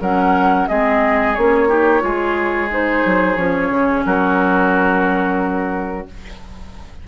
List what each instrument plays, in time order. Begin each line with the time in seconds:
0.00 bassoon F#3, clarinet C#4, oboe A#4, flute F#5
0.67 bassoon G#3, clarinet C4, oboe G#4, flute D#5
1.34 bassoon A#3, clarinet C#4, flute C#5
1.68 clarinet D#4, oboe G4
2.00 bassoon G#3, clarinet F4, oboe G#4
2.70 clarinet D#4, flute C5
3.05 bassoon F#3
3.36 bassoon F3, clarinet C#4, flute C#5
3.69 bassoon C#3
4.05 bassoon F#3, oboe F#4, flute A#4